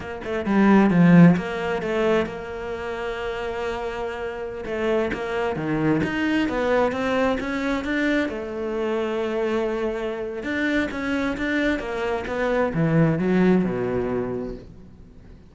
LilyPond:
\new Staff \with { instrumentName = "cello" } { \time 4/4 \tempo 4 = 132 ais8 a8 g4 f4 ais4 | a4 ais2.~ | ais2~ ais16 a4 ais8.~ | ais16 dis4 dis'4 b4 c'8.~ |
c'16 cis'4 d'4 a4.~ a16~ | a2. d'4 | cis'4 d'4 ais4 b4 | e4 fis4 b,2 | }